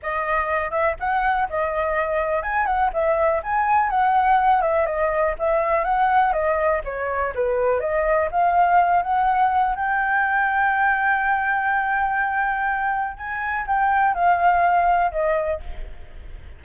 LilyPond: \new Staff \with { instrumentName = "flute" } { \time 4/4 \tempo 4 = 123 dis''4. e''8 fis''4 dis''4~ | dis''4 gis''8 fis''8 e''4 gis''4 | fis''4. e''8 dis''4 e''4 | fis''4 dis''4 cis''4 b'4 |
dis''4 f''4. fis''4. | g''1~ | g''2. gis''4 | g''4 f''2 dis''4 | }